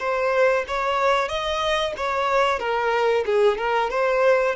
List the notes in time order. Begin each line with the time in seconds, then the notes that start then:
0.00 C5
0.68 C#5
1.29 D#5
1.97 C#5
2.59 A#4
3.26 G#4
3.58 A#4
3.90 C5